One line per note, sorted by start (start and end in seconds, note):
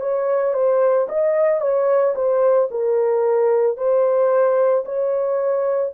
0.00 0.53 C#5
0.53 1.07 C5
1.08 1.60 D#5
1.60 2.14 C#5
2.15 2.68 C5
2.70 3.77 A#4
3.77 4.84 C5
4.85 5.92 C#5